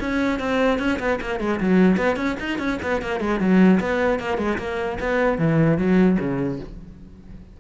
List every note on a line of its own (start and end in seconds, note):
0.00 0.39 C#4
0.39 0.79 C4
0.79 0.99 C#4
0.99 1.19 B3
1.21 1.40 A#3
1.40 1.60 G#3
1.60 1.97 F#3
1.97 2.16 B3
2.16 2.36 C#4
2.39 2.58 D#4
2.58 2.78 C#4
2.82 3.02 B3
3.02 3.20 A#3
3.20 3.40 G#3
3.40 3.80 F#3
3.80 4.19 B3
4.19 4.37 A#3
4.37 4.57 G#3
4.58 4.98 A#3
5.00 5.38 B3
5.38 5.77 E3
5.77 6.17 F#3
6.19 6.59 C#3